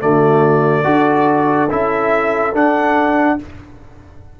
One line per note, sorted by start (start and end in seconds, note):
0.00 0.85 D3
0.00 0.84 A3
0.00 0.83 F#4
0.00 1.70 D5
0.83 1.69 D4
0.83 1.68 F#4
0.83 3.37 A4
1.70 2.54 C#4
1.70 2.54 E4
1.70 2.55 E5
2.54 3.38 D4
2.54 3.40 F#5